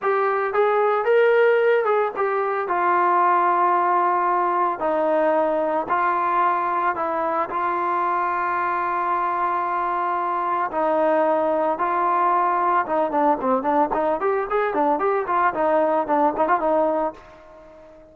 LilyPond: \new Staff \with { instrumentName = "trombone" } { \time 4/4 \tempo 4 = 112 g'4 gis'4 ais'4. gis'8 | g'4 f'2.~ | f'4 dis'2 f'4~ | f'4 e'4 f'2~ |
f'1 | dis'2 f'2 | dis'8 d'8 c'8 d'8 dis'8 g'8 gis'8 d'8 | g'8 f'8 dis'4 d'8 dis'16 f'16 dis'4 | }